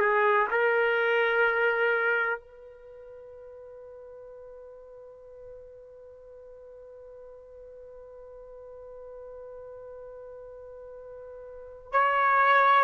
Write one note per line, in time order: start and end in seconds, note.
0.00 0.48 G#4
0.51 2.40 A#4
2.40 11.92 B4
11.92 12.84 C#5